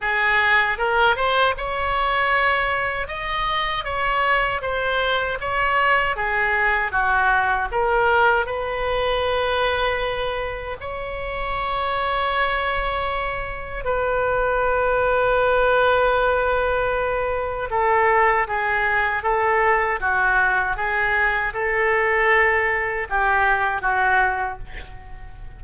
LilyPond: \new Staff \with { instrumentName = "oboe" } { \time 4/4 \tempo 4 = 78 gis'4 ais'8 c''8 cis''2 | dis''4 cis''4 c''4 cis''4 | gis'4 fis'4 ais'4 b'4~ | b'2 cis''2~ |
cis''2 b'2~ | b'2. a'4 | gis'4 a'4 fis'4 gis'4 | a'2 g'4 fis'4 | }